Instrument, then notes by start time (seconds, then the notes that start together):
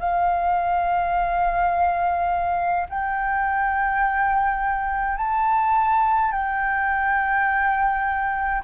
flute
0.00 F5
2.90 G5
5.18 A5
6.32 G5